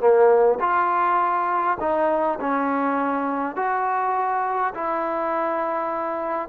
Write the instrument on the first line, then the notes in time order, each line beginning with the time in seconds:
trombone
0.00 A#3
0.60 F4
1.80 D#4
2.40 C#4
3.56 F#4
4.74 E4